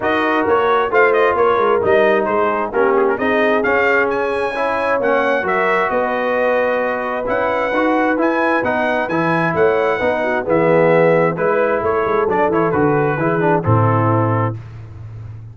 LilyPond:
<<
  \new Staff \with { instrumentName = "trumpet" } { \time 4/4 \tempo 4 = 132 dis''4 cis''4 f''8 dis''8 cis''4 | dis''4 c''4 ais'8 gis'16 ais'16 dis''4 | f''4 gis''2 fis''4 | e''4 dis''2. |
fis''2 gis''4 fis''4 | gis''4 fis''2 e''4~ | e''4 b'4 cis''4 d''8 cis''8 | b'2 a'2 | }
  \new Staff \with { instrumentName = "horn" } { \time 4/4 ais'2 c''4 ais'4~ | ais'4 gis'4 g'4 gis'4~ | gis'2 cis''2 | ais'4 b'2.~ |
b'1~ | b'4 cis''4 b'8 fis'8 gis'4~ | gis'4 b'4 a'2~ | a'4 gis'4 e'2 | }
  \new Staff \with { instrumentName = "trombone" } { \time 4/4 fis'2 f'2 | dis'2 cis'4 dis'4 | cis'2 e'4 cis'4 | fis'1 |
e'4 fis'4 e'4 dis'4 | e'2 dis'4 b4~ | b4 e'2 d'8 e'8 | fis'4 e'8 d'8 c'2 | }
  \new Staff \with { instrumentName = "tuba" } { \time 4/4 dis'4 ais4 a4 ais8 gis8 | g4 gis4 ais4 c'4 | cis'2. ais4 | fis4 b2. |
cis'4 dis'4 e'4 b4 | e4 a4 b4 e4~ | e4 gis4 a8 gis8 fis8 e8 | d4 e4 a,2 | }
>>